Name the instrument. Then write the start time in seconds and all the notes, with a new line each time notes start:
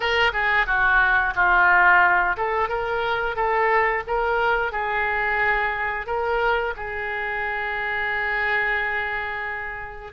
oboe
0.00 A#4
0.32 G#4
0.66 F#4
1.35 F4
2.37 A4
2.68 A#4
3.36 A4
4.07 A#4
4.72 G#4
6.06 A#4
6.76 G#4